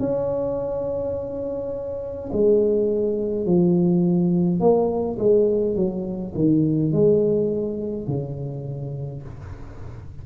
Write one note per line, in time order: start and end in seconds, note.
0.00 2.31 C#4
2.33 3.46 G#3
3.46 4.60 F3
4.60 5.18 A#3
5.19 5.76 G#3
5.76 6.34 F#3
6.35 6.93 D#3
6.93 8.08 G#3
8.08 9.23 C#3